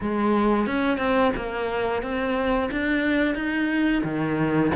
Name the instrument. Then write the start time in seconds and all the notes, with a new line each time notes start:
cello
0.00 G#3
0.66 C#4
0.97 C4
1.36 A#3
2.02 C4
2.71 D4
3.34 D#4
4.03 D#3